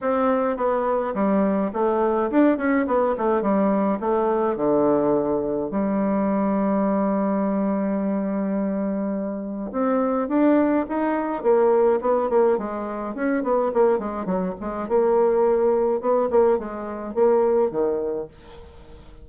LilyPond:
\new Staff \with { instrumentName = "bassoon" } { \time 4/4 \tempo 4 = 105 c'4 b4 g4 a4 | d'8 cis'8 b8 a8 g4 a4 | d2 g2~ | g1~ |
g4 c'4 d'4 dis'4 | ais4 b8 ais8 gis4 cis'8 b8 | ais8 gis8 fis8 gis8 ais2 | b8 ais8 gis4 ais4 dis4 | }